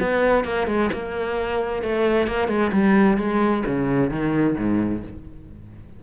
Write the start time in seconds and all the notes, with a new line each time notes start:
0.00 B3
0.44 A#3
0.67 G#3
0.93 A#3
1.83 A3
2.27 A#3
2.48 G#3
2.73 G3
3.18 G#3
3.66 C#3
4.10 D#3
4.58 G#2